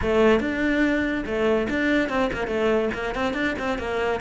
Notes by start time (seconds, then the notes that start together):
0.01 A3
0.39 D4
1.25 A3
1.69 D4
2.09 C4
2.32 A#3
2.47 A3
2.94 A#3
3.14 C4
3.33 D4
3.59 C4
3.78 A#3